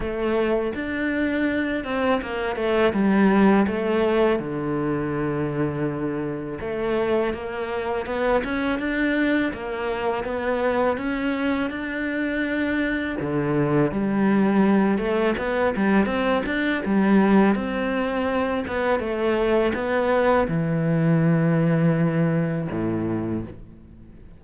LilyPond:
\new Staff \with { instrumentName = "cello" } { \time 4/4 \tempo 4 = 82 a4 d'4. c'8 ais8 a8 | g4 a4 d2~ | d4 a4 ais4 b8 cis'8 | d'4 ais4 b4 cis'4 |
d'2 d4 g4~ | g8 a8 b8 g8 c'8 d'8 g4 | c'4. b8 a4 b4 | e2. a,4 | }